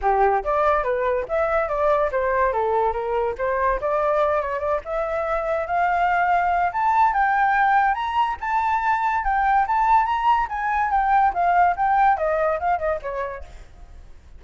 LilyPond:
\new Staff \with { instrumentName = "flute" } { \time 4/4 \tempo 4 = 143 g'4 d''4 b'4 e''4 | d''4 c''4 a'4 ais'4 | c''4 d''4. cis''8 d''8 e''8~ | e''4. f''2~ f''8 |
a''4 g''2 ais''4 | a''2 g''4 a''4 | ais''4 gis''4 g''4 f''4 | g''4 dis''4 f''8 dis''8 cis''4 | }